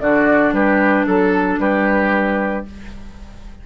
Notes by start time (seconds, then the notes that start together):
0.00 D3 D4 F#4 D5
0.52 G3 G4 B4
1.06 F#3 A4
1.58 G3 G4 B4